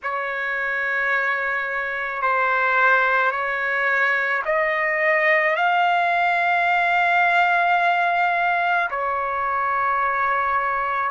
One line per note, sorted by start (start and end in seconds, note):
0.03 2.22 C#5
2.22 3.31 C5
3.31 4.42 C#5
4.44 5.56 D#5
5.56 8.89 F5
8.90 11.11 C#5